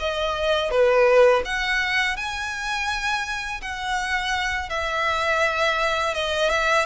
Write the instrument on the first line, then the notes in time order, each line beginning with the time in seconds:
violin
0.00 D#5
0.71 B4
1.45 F#5
2.17 G#5
3.62 F#5
4.70 E5
6.15 D#5
6.50 E5